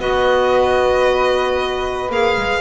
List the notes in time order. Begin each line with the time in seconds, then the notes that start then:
0.00 B3 F#4 B4 D#5
2.10 A#3 G#4 F5
2.37 G#3